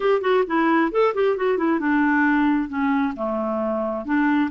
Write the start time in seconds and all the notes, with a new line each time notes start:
0.00 G4
0.21 F#4
0.47 E4
0.91 A4
1.14 G4
1.36 F#4
1.57 E4
1.79 D4
2.68 C#4
3.15 A3
4.05 D4